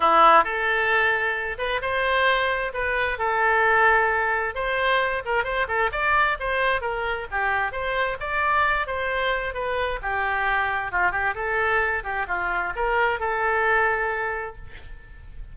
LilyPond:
\new Staff \with { instrumentName = "oboe" } { \time 4/4 \tempo 4 = 132 e'4 a'2~ a'8 b'8 | c''2 b'4 a'4~ | a'2 c''4. ais'8 | c''8 a'8 d''4 c''4 ais'4 |
g'4 c''4 d''4. c''8~ | c''4 b'4 g'2 | f'8 g'8 a'4. g'8 f'4 | ais'4 a'2. | }